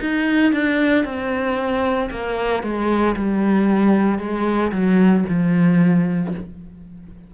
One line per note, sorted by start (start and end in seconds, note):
0.00 0.52 D#4
0.52 1.04 D4
1.04 2.10 C4
2.11 2.63 A#3
2.63 3.15 G#3
3.16 4.18 G3
4.18 4.71 G#3
4.72 5.24 F#3
5.29 6.34 F3